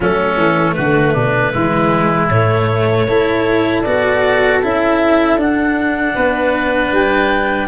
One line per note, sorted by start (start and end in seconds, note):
0.00 0.36 F#3
0.00 1.53 A3
0.00 0.74 C#4
0.00 0.74 A4
0.36 0.75 E3
0.74 1.15 D3
0.74 1.13 F#4
0.74 2.27 B4
1.13 1.53 B2
1.13 1.51 D4
1.53 2.29 E3
1.53 2.30 G#3
1.53 3.07 E4
2.29 3.06 A2
2.29 3.08 A3
2.29 3.82 C#5
3.06 3.83 A3
3.06 3.84 E4
3.06 6.14 A4
3.82 4.63 B3
3.82 4.62 F#4
3.82 4.59 D5
4.62 5.36 C#4
4.62 5.38 E4
4.62 5.40 E5
5.36 6.13 D4
5.36 7.67 D4
5.36 6.93 F#5
6.14 6.91 B3
6.14 7.67 B4
6.91 7.67 G3
6.91 7.67 G5